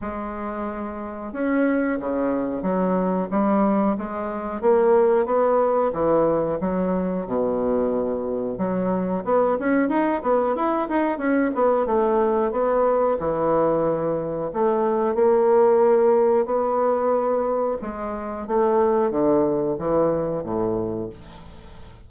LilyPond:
\new Staff \with { instrumentName = "bassoon" } { \time 4/4 \tempo 4 = 91 gis2 cis'4 cis4 | fis4 g4 gis4 ais4 | b4 e4 fis4 b,4~ | b,4 fis4 b8 cis'8 dis'8 b8 |
e'8 dis'8 cis'8 b8 a4 b4 | e2 a4 ais4~ | ais4 b2 gis4 | a4 d4 e4 a,4 | }